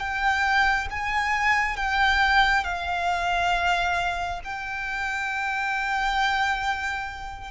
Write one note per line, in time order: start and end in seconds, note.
0.00 0.88 G5
0.91 1.77 G#5
1.77 2.64 G5
2.64 4.41 F5
4.44 7.52 G5